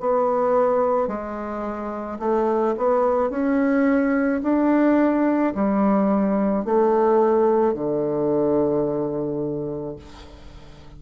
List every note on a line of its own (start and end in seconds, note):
0.00 1.08 B3
1.08 2.19 G#3
2.19 2.75 A3
2.77 3.30 B3
3.30 4.41 C#4
4.42 5.54 D4
5.55 6.65 G3
6.65 7.74 A3
7.74 9.96 D3